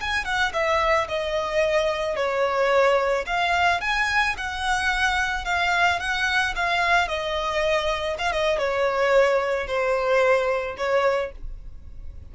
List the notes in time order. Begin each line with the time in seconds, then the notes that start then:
0.00 G#5
0.25 F#5
0.53 E5
1.08 D#5
2.16 C#5
3.26 F5
3.81 G#5
4.37 F#5
5.45 F5
6.00 F#5
6.55 F5
7.08 D#5
8.18 F5
8.32 D#5
8.58 C#5
9.67 C5
10.77 C#5